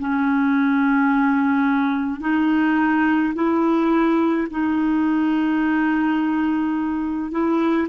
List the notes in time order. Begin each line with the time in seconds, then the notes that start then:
0.00 C#4
2.21 D#4
3.34 E4
4.51 D#4
7.32 E4